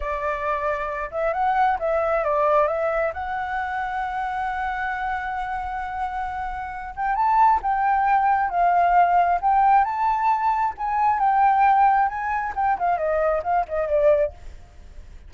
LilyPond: \new Staff \with { instrumentName = "flute" } { \time 4/4 \tempo 4 = 134 d''2~ d''8 e''8 fis''4 | e''4 d''4 e''4 fis''4~ | fis''1~ | fis''2.~ fis''8 g''8 |
a''4 g''2 f''4~ | f''4 g''4 a''2 | gis''4 g''2 gis''4 | g''8 f''8 dis''4 f''8 dis''8 d''4 | }